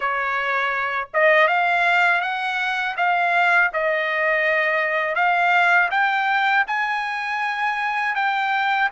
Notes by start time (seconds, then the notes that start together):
0.00 C#5
1.13 D#5
1.47 F5
2.21 F#5
2.96 F5
3.73 D#5
5.15 F5
5.91 G5
6.67 G#5
8.15 G5